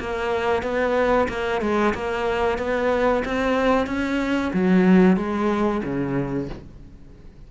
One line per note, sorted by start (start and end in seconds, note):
0.00 0.63 A#3
0.63 1.28 B3
1.29 1.61 A#3
1.61 1.94 G#3
1.94 2.58 A#3
2.58 3.24 B3
3.25 3.87 C4
3.87 4.52 C#4
4.54 5.17 F#3
5.17 5.82 G#3
5.84 6.49 C#3